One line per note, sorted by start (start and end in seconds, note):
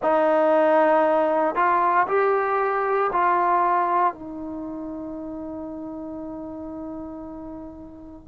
0.02 1.55 D#4
1.55 2.06 F4
2.07 3.10 G4
3.12 4.13 F4
4.13 8.27 D#4